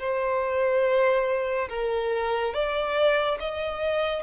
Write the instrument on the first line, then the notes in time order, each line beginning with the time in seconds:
violin
0.00 C5
1.69 A#4
2.54 D5
3.40 D#5